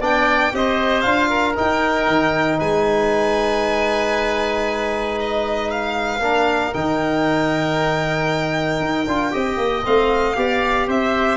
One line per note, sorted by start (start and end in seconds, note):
0.00 0.52 B3
0.00 0.52 D4
0.00 0.52 D5
0.00 0.55 G5
0.52 1.04 C4
0.52 1.03 G4
0.52 1.29 C5
0.52 1.01 D#5
1.01 1.56 D4
1.01 1.55 F4
1.01 1.53 F5
1.29 2.58 A#4
1.55 6.20 D#4
1.55 2.07 D#4
1.55 2.59 G5
2.07 2.59 D#3
2.58 6.19 G#3
2.58 6.20 B4
2.58 5.18 G#5
5.20 5.70 D#5
5.70 6.73 F5
6.19 6.71 A#3
6.19 6.73 D4
6.19 9.33 A#4
6.73 8.80 D#3
6.73 9.06 D#4
6.73 9.84 G5
8.80 9.06 D#4
9.07 9.33 D4
9.07 9.31 F4
9.31 9.57 C4
9.31 9.83 G4
9.31 10.36 D#5
9.57 9.83 A#3
9.84 10.36 A3
9.84 10.35 C4
9.84 10.89 F5
10.35 10.87 B3
10.35 11.36 G4
10.35 10.87 D5
10.87 11.36 C4
10.87 11.36 C5
10.87 11.36 E5